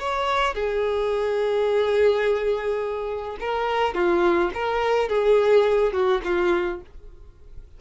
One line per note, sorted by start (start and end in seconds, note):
0.00 0.55 C#5
0.55 3.38 G#4
3.40 3.95 A#4
3.95 4.51 F4
4.54 5.09 A#4
5.09 5.93 G#4
5.93 6.22 F#4
6.24 6.81 F4